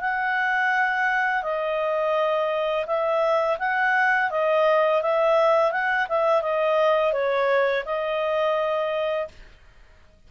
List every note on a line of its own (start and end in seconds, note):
0.00 1.43 F#5
1.43 2.85 D#5
2.86 3.57 E5
3.58 4.30 F#5
4.30 5.02 D#5
5.02 5.71 E5
5.71 6.07 F#5
6.08 6.42 E5
6.42 7.12 D#5
7.12 7.84 C#5
7.85 9.28 D#5